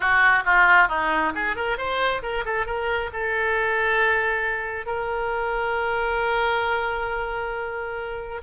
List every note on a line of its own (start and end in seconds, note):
0.00 0.44 F#4
0.44 0.88 F4
0.88 1.33 D#4
1.34 1.56 G#4
1.56 1.77 A#4
1.77 2.22 C5
2.22 2.44 A#4
2.45 2.65 A4
2.65 3.10 A#4
3.13 4.86 A4
4.86 8.41 A#4